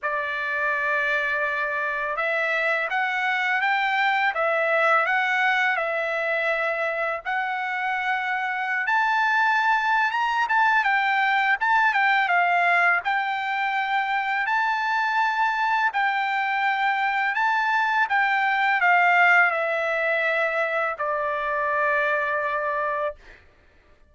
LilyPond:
\new Staff \with { instrumentName = "trumpet" } { \time 4/4 \tempo 4 = 83 d''2. e''4 | fis''4 g''4 e''4 fis''4 | e''2 fis''2~ | fis''16 a''4.~ a''16 ais''8 a''8 g''4 |
a''8 g''8 f''4 g''2 | a''2 g''2 | a''4 g''4 f''4 e''4~ | e''4 d''2. | }